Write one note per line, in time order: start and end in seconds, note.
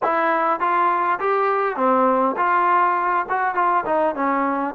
0.02 0.59 E4
0.59 1.19 F4
1.19 1.76 G4
1.76 2.35 C4
2.36 3.25 F4
3.29 3.55 F#4
3.55 3.84 F4
3.85 4.15 D#4
4.15 4.74 C#4